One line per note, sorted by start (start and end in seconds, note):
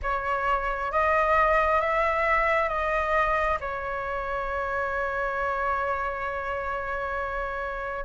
0.02 0.91 C#5
0.91 1.81 D#5
1.81 2.69 E5
2.69 3.58 D#5
3.60 8.04 C#5